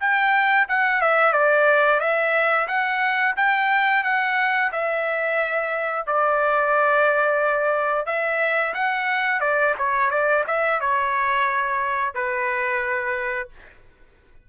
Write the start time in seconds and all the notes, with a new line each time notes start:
0.00 G5
0.68 F#5
1.01 E5
1.33 D5
2.00 E5
2.68 F#5
3.36 G5
4.04 F#5
4.72 E5
6.06 D5
8.06 E5
8.74 F#5
9.40 D5
9.78 C#5
10.10 D5
10.47 E5
10.80 C#5
12.14 B4